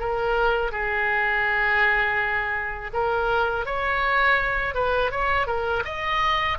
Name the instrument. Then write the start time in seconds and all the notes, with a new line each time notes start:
oboe
0.00 A#4
0.72 G#4
2.94 A#4
3.66 C#5
4.75 B4
5.12 C#5
5.47 A#4
5.85 D#5